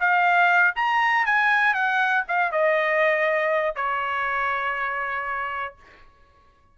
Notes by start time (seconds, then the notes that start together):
0.00 F5
0.76 A#5
1.26 G#5
1.74 F#5
2.28 F5
2.52 D#5
3.76 C#5